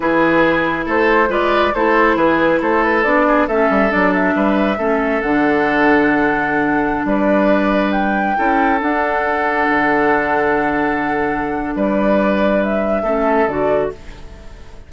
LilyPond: <<
  \new Staff \with { instrumentName = "flute" } { \time 4/4 \tempo 4 = 138 b'2 c''4 d''4 | c''4 b'4 c''8 b'8 d''4 | e''4 d''8 e''2~ e''8 | fis''1~ |
fis''16 d''2 g''4.~ g''16~ | g''16 fis''2.~ fis''8.~ | fis''2. d''4~ | d''4 e''2 d''4 | }
  \new Staff \with { instrumentName = "oboe" } { \time 4/4 gis'2 a'4 b'4 | a'4 gis'4 a'4. gis'8 | a'2 b'4 a'4~ | a'1~ |
a'16 b'2. a'8.~ | a'1~ | a'2. b'4~ | b'2 a'2 | }
  \new Staff \with { instrumentName = "clarinet" } { \time 4/4 e'2. f'4 | e'2. d'4 | cis'4 d'2 cis'4 | d'1~ |
d'2.~ d'16 e'8.~ | e'16 d'2.~ d'8.~ | d'1~ | d'2 cis'4 fis'4 | }
  \new Staff \with { instrumentName = "bassoon" } { \time 4/4 e2 a4 gis4 | a4 e4 a4 b4 | a8 g8 fis4 g4 a4 | d1~ |
d16 g2. cis'8.~ | cis'16 d'2 d4.~ d16~ | d2. g4~ | g2 a4 d4 | }
>>